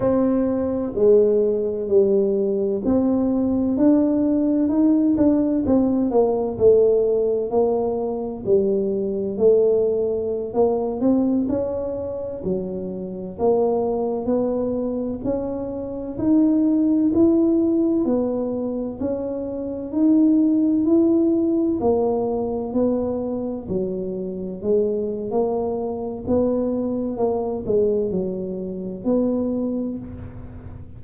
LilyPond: \new Staff \with { instrumentName = "tuba" } { \time 4/4 \tempo 4 = 64 c'4 gis4 g4 c'4 | d'4 dis'8 d'8 c'8 ais8 a4 | ais4 g4 a4~ a16 ais8 c'16~ | c'16 cis'4 fis4 ais4 b8.~ |
b16 cis'4 dis'4 e'4 b8.~ | b16 cis'4 dis'4 e'4 ais8.~ | ais16 b4 fis4 gis8. ais4 | b4 ais8 gis8 fis4 b4 | }